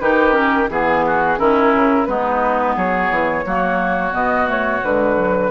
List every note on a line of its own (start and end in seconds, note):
0.00 0.69 D#3
0.00 0.32 D#4
0.00 0.70 G4
0.00 0.34 B4
0.32 0.66 C#4
0.32 0.68 A#4
0.69 1.38 E3
0.69 1.38 B3
0.69 1.39 G#4
0.69 1.05 G#4
1.07 1.39 F#4
1.38 1.74 D#3
1.38 2.07 C#4
1.38 2.08 E4
1.38 2.05 A#4
1.74 2.08 C#3
2.05 2.76 G#3
2.05 3.45 B3
2.05 2.76 D#4
2.05 2.74 B4
2.76 3.10 F#3
2.76 3.45 G#4
2.76 4.14 C#5
3.10 3.45 E3
3.45 4.13 F#3
3.45 4.12 A#3
3.45 5.51 F#4
4.12 4.82 B2
4.12 4.46 B3
4.12 4.49 D#5
4.46 4.81 A3
4.46 4.84 C#5
4.83 5.51 D3
4.83 5.16 G#3
4.83 5.51 B4
5.16 5.51 F#3